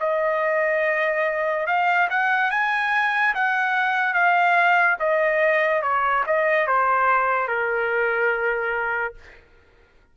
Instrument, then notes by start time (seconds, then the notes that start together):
trumpet
0.00 D#5
1.67 F5
2.10 F#5
2.51 G#5
3.35 F#5
4.14 F5
5.00 D#5
5.82 C#5
6.27 D#5
6.67 C5
7.48 A#4